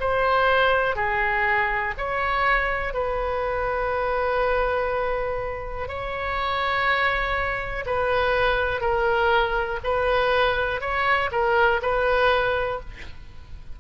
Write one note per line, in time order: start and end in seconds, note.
0.00 0.96 C5
0.96 1.94 G#4
1.98 2.94 C#5
2.94 5.88 B4
5.88 7.85 C#5
7.86 8.81 B4
8.81 9.80 A#4
9.84 10.81 B4
10.81 11.30 C#5
11.32 11.81 A#4
11.82 12.80 B4